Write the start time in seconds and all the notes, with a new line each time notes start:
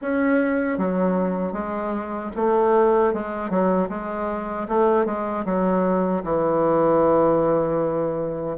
0.01 C#4
0.78 F#3
1.52 G#3
2.36 A3
3.13 G#3
3.50 F#3
3.89 G#3
4.68 A3
5.05 G#3
5.45 F#3
6.23 E3